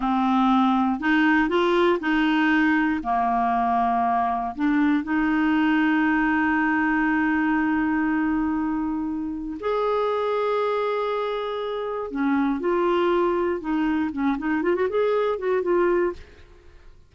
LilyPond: \new Staff \with { instrumentName = "clarinet" } { \time 4/4 \tempo 4 = 119 c'2 dis'4 f'4 | dis'2 ais2~ | ais4 d'4 dis'2~ | dis'1~ |
dis'2. gis'4~ | gis'1 | cis'4 f'2 dis'4 | cis'8 dis'8 f'16 fis'16 gis'4 fis'8 f'4 | }